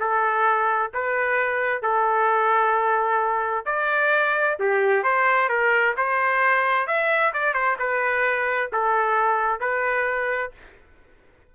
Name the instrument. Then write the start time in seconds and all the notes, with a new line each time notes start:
trumpet
0.00 A4
0.94 B4
1.82 A4
3.66 D5
4.59 G4
5.03 C5
5.49 A#4
5.97 C5
6.87 E5
7.33 D5
7.54 C5
7.79 B4
8.73 A4
9.60 B4